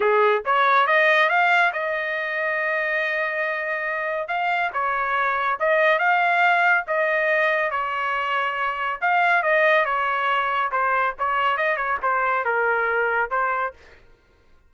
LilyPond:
\new Staff \with { instrumentName = "trumpet" } { \time 4/4 \tempo 4 = 140 gis'4 cis''4 dis''4 f''4 | dis''1~ | dis''2 f''4 cis''4~ | cis''4 dis''4 f''2 |
dis''2 cis''2~ | cis''4 f''4 dis''4 cis''4~ | cis''4 c''4 cis''4 dis''8 cis''8 | c''4 ais'2 c''4 | }